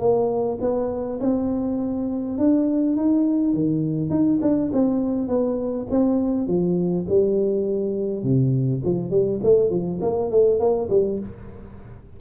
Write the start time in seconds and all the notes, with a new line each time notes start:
0.00 A#3
0.61 B3
1.21 C4
2.38 D4
2.97 D#4
3.54 D#3
4.10 D#4
4.42 D4
4.73 C4
5.28 B3
5.91 C4
6.47 F3
7.09 G3
8.23 C3
8.85 F3
9.10 G3
9.44 A3
9.70 F3
10.02 A#3
10.31 A3
10.60 A#3
10.90 G3